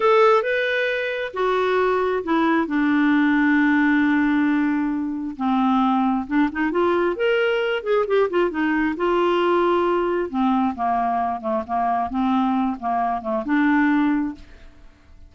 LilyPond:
\new Staff \with { instrumentName = "clarinet" } { \time 4/4 \tempo 4 = 134 a'4 b'2 fis'4~ | fis'4 e'4 d'2~ | d'1 | c'2 d'8 dis'8 f'4 |
ais'4. gis'8 g'8 f'8 dis'4 | f'2. c'4 | ais4. a8 ais4 c'4~ | c'8 ais4 a8 d'2 | }